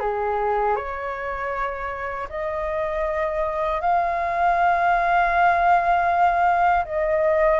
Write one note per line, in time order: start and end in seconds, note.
0.00 0.76 G#4
0.76 2.28 C#5
2.29 3.81 D#5
3.81 6.85 F5
6.85 7.60 D#5